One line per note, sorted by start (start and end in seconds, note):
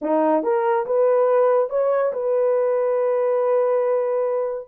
0.01 0.43 D#4
0.43 0.85 A#4
0.85 1.69 B4
1.69 2.12 C#5
2.12 4.68 B4